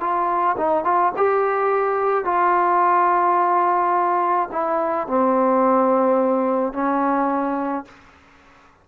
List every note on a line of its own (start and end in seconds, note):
0.00 0.56 F4
0.57 0.84 D#4
0.84 1.12 F4
1.16 2.24 G4
2.24 4.49 F4
4.52 5.07 E4
5.07 6.73 C4
6.73 7.85 C#4